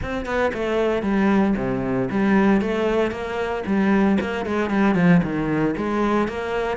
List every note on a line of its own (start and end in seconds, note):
0.01 0.25 C4
0.25 0.51 B3
0.53 1.02 A3
1.02 1.54 G3
1.57 2.09 C3
2.10 2.61 G3
2.61 3.11 A3
3.11 3.63 A#3
3.66 4.18 G3
4.20 4.45 A#3
4.45 4.70 G#3
4.70 4.94 G3
4.94 5.21 F3
5.23 5.75 D#3
5.76 6.28 G#3
6.28 6.77 A#3